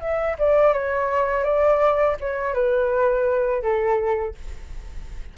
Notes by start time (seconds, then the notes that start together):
0.00 E5
0.39 D5
0.73 C#5
1.44 D5
2.20 C#5
2.54 B4
3.62 A4